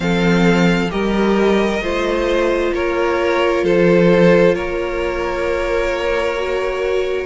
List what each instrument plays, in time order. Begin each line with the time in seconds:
0.00 cello F3, viola C4, violin A4 F5
0.89 cello G3, viola G4, violin A#4 D#5
1.80 cello A3, viola F4, violin C5
2.73 cello A#3, violin A#4 C#5
3.63 cello F3, violin A4 C5
4.53 cello A#3, violin A#4 C#5
6.36 viola F#4